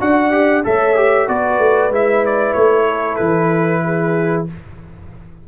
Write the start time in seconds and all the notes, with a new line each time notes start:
0.00 D4 F#4 D5 F#5
0.31 G4
0.64 A3 A4 C#5 E5
0.96 G4
1.28 B3 F#4 B4 D5
1.58 A3
1.90 G#3 E4 E5
2.26 D5
2.53 A3 C#5
2.86 A4
3.16 E3 B4
3.84 G#4